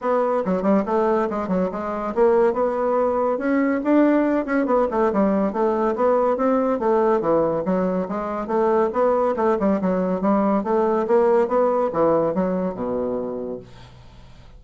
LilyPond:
\new Staff \with { instrumentName = "bassoon" } { \time 4/4 \tempo 4 = 141 b4 fis8 g8 a4 gis8 fis8 | gis4 ais4 b2 | cis'4 d'4. cis'8 b8 a8 | g4 a4 b4 c'4 |
a4 e4 fis4 gis4 | a4 b4 a8 g8 fis4 | g4 a4 ais4 b4 | e4 fis4 b,2 | }